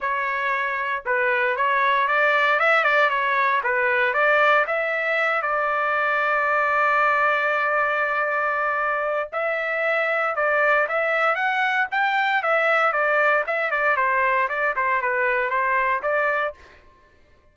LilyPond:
\new Staff \with { instrumentName = "trumpet" } { \time 4/4 \tempo 4 = 116 cis''2 b'4 cis''4 | d''4 e''8 d''8 cis''4 b'4 | d''4 e''4. d''4.~ | d''1~ |
d''2 e''2 | d''4 e''4 fis''4 g''4 | e''4 d''4 e''8 d''8 c''4 | d''8 c''8 b'4 c''4 d''4 | }